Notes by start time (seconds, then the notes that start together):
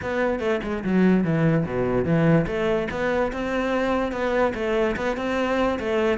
0.02 B3
0.39 A3
0.63 G#3
0.84 F#3
1.24 E3
1.65 B2
2.04 E3
2.46 A3
2.90 B3
3.32 C4
4.12 B3
4.54 A3
4.96 B3
5.16 C4
5.79 A3